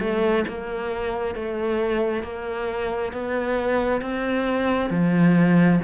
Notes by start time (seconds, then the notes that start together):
0.00 A3
0.48 A#3
1.35 A3
2.23 A#3
3.13 B3
4.01 C4
4.90 F3